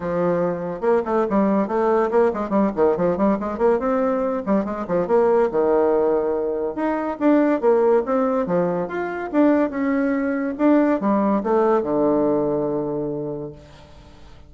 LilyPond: \new Staff \with { instrumentName = "bassoon" } { \time 4/4 \tempo 4 = 142 f2 ais8 a8 g4 | a4 ais8 gis8 g8 dis8 f8 g8 | gis8 ais8 c'4. g8 gis8 f8 | ais4 dis2. |
dis'4 d'4 ais4 c'4 | f4 f'4 d'4 cis'4~ | cis'4 d'4 g4 a4 | d1 | }